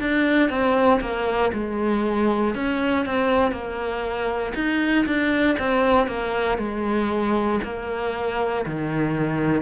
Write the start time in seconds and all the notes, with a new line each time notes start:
0.00 D4
0.49 C4
1.01 A#3
1.53 G#3
2.55 C#4
3.06 C4
3.51 A#3
4.55 D#4
5.06 D4
5.58 C4
6.07 A#3
6.58 G#3
7.63 A#3
8.65 D#3